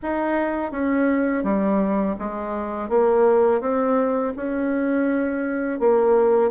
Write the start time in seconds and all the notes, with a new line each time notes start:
0.02 D#4
0.71 C#4
1.43 G3
2.19 G#3
2.89 A#3
3.60 C4
4.36 C#4
5.79 A#3